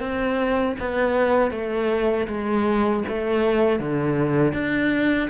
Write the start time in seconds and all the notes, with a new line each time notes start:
0.00 C4
0.79 B3
1.51 A3
2.28 G#3
3.08 A3
3.79 D3
4.53 D4